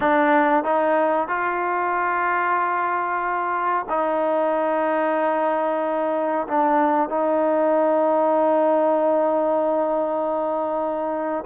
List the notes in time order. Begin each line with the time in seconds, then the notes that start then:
0.00 D4
0.63 D#4
1.28 F4
3.89 D#4
6.47 D4
7.09 D#4